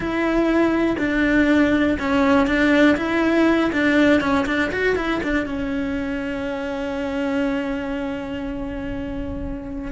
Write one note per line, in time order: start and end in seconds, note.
0.00 0.96 E4
0.98 1.97 D4
1.99 2.47 C#4
2.47 2.96 D4
2.96 3.71 E4
3.72 4.21 D4
4.21 4.45 C#4
4.46 4.70 D4
4.71 4.96 F#4
4.96 5.20 E4
5.23 5.45 D4
5.45 9.91 C#4